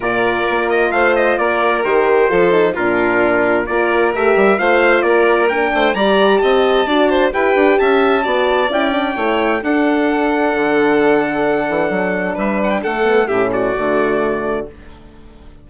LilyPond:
<<
  \new Staff \with { instrumentName = "trumpet" } { \time 4/4 \tempo 4 = 131 d''4. dis''8 f''8 dis''8 d''4 | c''2 ais'2 | d''4 e''4 f''4 d''4 | g''4 ais''4 a''2 |
g''4 a''2 g''4~ | g''4 fis''2.~ | fis''2. e''8 fis''16 g''16 | fis''4 e''8 d''2~ d''8 | }
  \new Staff \with { instrumentName = "violin" } { \time 4/4 ais'2 c''4 ais'4~ | ais'4 a'4 f'2 | ais'2 c''4 ais'4~ | ais'8 c''8 d''4 dis''4 d''8 c''8 |
b'4 e''4 d''2 | cis''4 a'2.~ | a'2. b'4 | a'4 g'8 fis'2~ fis'8 | }
  \new Staff \with { instrumentName = "horn" } { \time 4/4 f'1 | g'4 f'8 dis'8 d'2 | f'4 g'4 f'2 | d'4 g'2 fis'4 |
g'2 fis'4 e'8 d'8 | e'4 d'2.~ | d'1~ | d'8 b8 cis'4 a2 | }
  \new Staff \with { instrumentName = "bassoon" } { \time 4/4 ais,4 ais4 a4 ais4 | dis4 f4 ais,2 | ais4 a8 g8 a4 ais4~ | ais8 a8 g4 c'4 d'4 |
e'8 d'8 cis'4 b4 cis'4 | a4 d'2 d4~ | d4. e8 fis4 g4 | a4 a,4 d2 | }
>>